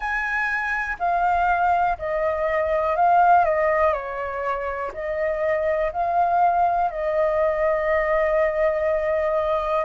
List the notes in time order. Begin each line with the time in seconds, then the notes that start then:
0.00 G#5
0.99 F5
1.98 D#5
2.96 F5
3.44 D#5
3.93 C#5
4.93 D#5
5.92 F5
6.91 D#5